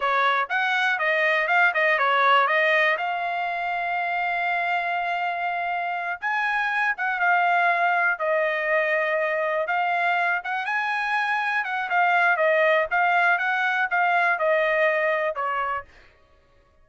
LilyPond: \new Staff \with { instrumentName = "trumpet" } { \time 4/4 \tempo 4 = 121 cis''4 fis''4 dis''4 f''8 dis''8 | cis''4 dis''4 f''2~ | f''1~ | f''8 gis''4. fis''8 f''4.~ |
f''8 dis''2. f''8~ | f''4 fis''8 gis''2 fis''8 | f''4 dis''4 f''4 fis''4 | f''4 dis''2 cis''4 | }